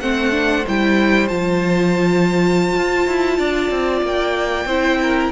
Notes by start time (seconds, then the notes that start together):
0.00 A3 C4 C5 F#5
0.31 D4
0.67 G3 E4 G5
1.28 F3 F4 A5
2.76 F4
3.07 E4
3.38 D4 D5
3.70 C4
4.01 A#3 G5
4.65 C4 E4 C5
5.02 A#4